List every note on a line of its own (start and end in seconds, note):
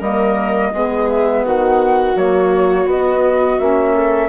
0.00 0.72 G3
0.00 0.72 A#3
0.00 0.71 A#4
0.00 1.08 D#5
0.73 1.45 G#3
0.73 2.16 B3
0.73 1.46 G#4
1.10 1.45 E5
1.46 2.16 D#3
1.46 3.95 F#4
1.46 2.18 F#5
2.16 2.86 F#3
2.16 2.87 A#3
2.16 2.89 C#5
2.86 3.58 B3
2.86 3.60 B3
2.86 3.59 D#5
3.59 4.29 A#3
3.59 4.29 C#4
3.59 4.29 E5
3.95 4.29 A4